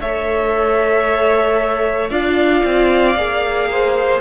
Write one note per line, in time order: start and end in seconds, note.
0.00 2.10 A3
0.00 2.11 A4
0.00 2.10 C#5
0.00 2.09 E5
2.09 2.63 D4
2.09 3.16 F4
2.09 3.68 D5
2.09 4.20 F5
2.64 3.15 C4
3.15 4.21 A#3
3.15 4.21 G#4
3.71 4.21 C5